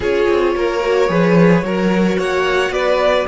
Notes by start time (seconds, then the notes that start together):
0.00 C#4 F4 G#4 C#5
0.28 C4
0.55 A#3 A#4
0.81 F#4
1.07 F3 G#4 B4
1.62 F#3 F#4 A#4
2.18 A#3 C#5 F#5
2.70 B3 B4 D5